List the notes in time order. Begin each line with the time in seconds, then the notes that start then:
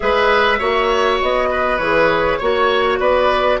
0.00 G#3 G#4 B4 E5
0.58 A#3 F#4 C#5
1.21 B3 D#5
1.50 B4
1.77 E3 G#4 C#5
2.38 A#3 F#4 C#5
2.98 B3 B4 D5